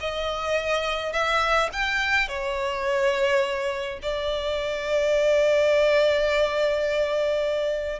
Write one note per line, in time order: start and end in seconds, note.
0.00 1.12 D#5
1.12 1.69 E5
1.72 2.28 G5
2.28 3.99 C#5
4.02 7.99 D5